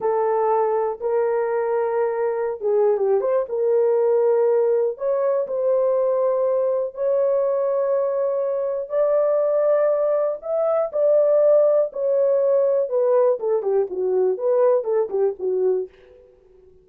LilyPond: \new Staff \with { instrumentName = "horn" } { \time 4/4 \tempo 4 = 121 a'2 ais'2~ | ais'4~ ais'16 gis'8. g'8 c''8 ais'4~ | ais'2 cis''4 c''4~ | c''2 cis''2~ |
cis''2 d''2~ | d''4 e''4 d''2 | cis''2 b'4 a'8 g'8 | fis'4 b'4 a'8 g'8 fis'4 | }